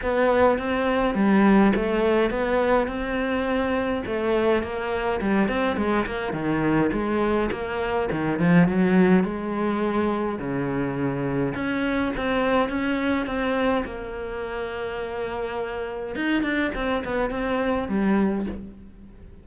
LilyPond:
\new Staff \with { instrumentName = "cello" } { \time 4/4 \tempo 4 = 104 b4 c'4 g4 a4 | b4 c'2 a4 | ais4 g8 c'8 gis8 ais8 dis4 | gis4 ais4 dis8 f8 fis4 |
gis2 cis2 | cis'4 c'4 cis'4 c'4 | ais1 | dis'8 d'8 c'8 b8 c'4 g4 | }